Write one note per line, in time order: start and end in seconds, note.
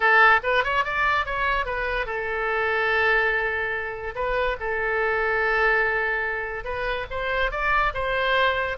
0.00 0.40 A4
0.43 0.64 B4
0.64 0.84 C#5
0.84 1.25 D5
1.25 1.65 C#5
1.65 2.05 B4
2.05 4.14 A4
4.15 4.56 B4
4.60 6.64 A4
6.64 7.06 B4
7.10 7.51 C5
7.51 7.93 D5
7.94 8.77 C5